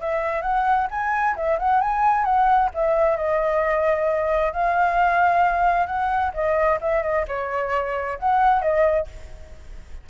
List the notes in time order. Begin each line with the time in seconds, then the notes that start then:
0.00 E5
0.42 F#5
0.90 G#5
1.36 E5
1.59 F#5
1.81 G#5
2.24 F#5
2.74 E5
3.17 D#5
4.52 F5
5.86 F#5
6.34 D#5
6.81 E5
7.02 D#5
7.28 C#5
8.19 F#5
8.62 D#5